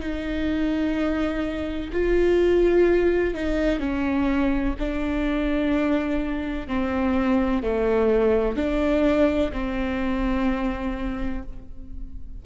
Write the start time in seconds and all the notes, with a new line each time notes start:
0.00 D#4
1.92 F4
3.34 D#4
3.79 C#4
4.79 D4
6.67 C4
7.62 A3
8.56 D4
9.52 C4